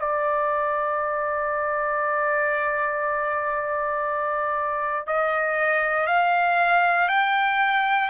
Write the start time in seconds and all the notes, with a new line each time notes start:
0.00 D5
5.07 D#5
6.07 F5
7.09 G5